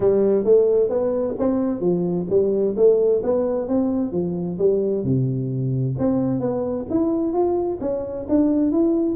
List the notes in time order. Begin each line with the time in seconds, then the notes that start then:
0.00 G3
0.44 A3
0.89 B3
1.38 C4
1.80 F3
2.29 G3
2.76 A3
3.23 B3
3.67 C4
4.12 F3
4.58 G3
5.04 C3
5.98 C4
6.39 B3
6.90 E4
7.33 F4
7.80 C#4
8.28 D4
8.71 E4